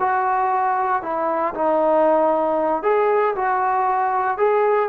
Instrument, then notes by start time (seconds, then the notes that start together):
trombone
0.00 F#4
1.03 E4
1.55 D#4
2.83 G#4
3.36 F#4
4.38 G#4